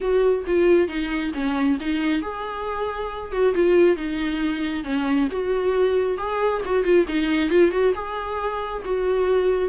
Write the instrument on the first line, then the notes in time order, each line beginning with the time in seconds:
viola
0.00 F#4
0.46 F4
0.87 D#4
1.34 C#4
1.80 D#4
2.21 G#4
3.32 F#4
3.54 F4
3.96 D#4
4.84 C#4
5.31 F#4
6.17 G#4
6.65 F#4
6.84 F4
7.07 D#4
7.50 F4
7.71 F#4
7.94 G#4
8.84 F#4